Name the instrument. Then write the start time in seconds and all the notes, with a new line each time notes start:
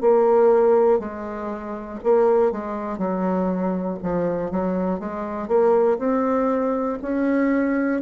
bassoon
0.00 A#3
0.99 G#3
2.03 A#3
2.51 G#3
2.98 F#3
4.03 F3
4.50 F#3
5.00 G#3
5.48 A#3
5.98 C4
7.02 C#4